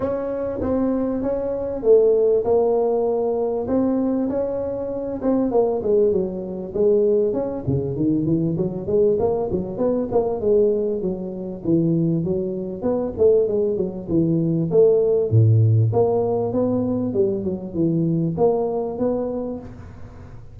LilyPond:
\new Staff \with { instrumentName = "tuba" } { \time 4/4 \tempo 4 = 98 cis'4 c'4 cis'4 a4 | ais2 c'4 cis'4~ | cis'8 c'8 ais8 gis8 fis4 gis4 | cis'8 cis8 dis8 e8 fis8 gis8 ais8 fis8 |
b8 ais8 gis4 fis4 e4 | fis4 b8 a8 gis8 fis8 e4 | a4 a,4 ais4 b4 | g8 fis8 e4 ais4 b4 | }